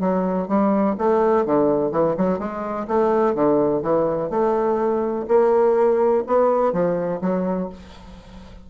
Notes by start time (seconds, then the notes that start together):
0.00 F#3
0.48 G3
0.98 A3
1.46 D3
1.91 E3
2.17 F#3
2.39 G#3
2.87 A3
3.35 D3
3.82 E3
4.30 A3
5.28 A#3
6.27 B3
6.73 F3
7.21 F#3